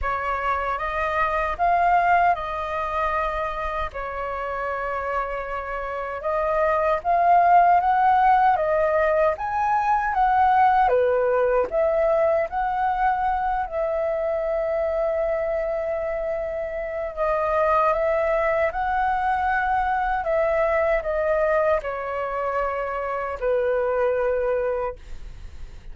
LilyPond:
\new Staff \with { instrumentName = "flute" } { \time 4/4 \tempo 4 = 77 cis''4 dis''4 f''4 dis''4~ | dis''4 cis''2. | dis''4 f''4 fis''4 dis''4 | gis''4 fis''4 b'4 e''4 |
fis''4. e''2~ e''8~ | e''2 dis''4 e''4 | fis''2 e''4 dis''4 | cis''2 b'2 | }